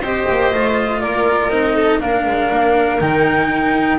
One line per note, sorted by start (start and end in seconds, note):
0.00 0.25 C4
0.00 0.53 G4
0.00 0.99 C5
0.00 1.00 D#5
0.29 0.53 A#3
0.53 1.02 A3
0.53 1.51 F4
1.00 1.47 A#3
1.00 1.75 A#4
1.00 1.49 D5
1.47 1.97 C4
1.47 2.00 D#4
1.47 1.99 D#5
1.75 2.00 A4
2.00 2.25 A#3
2.00 2.99 D4
2.00 3.98 A#4
2.00 2.99 F5
2.25 2.50 G#3
2.51 3.00 A#3
2.99 3.98 D#3
2.99 3.98 D#4
2.99 3.98 G5